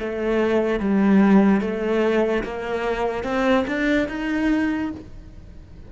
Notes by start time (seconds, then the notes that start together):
0.00 A3
0.80 G3
1.61 A3
2.44 A#3
3.24 C4
3.68 D4
4.09 D#4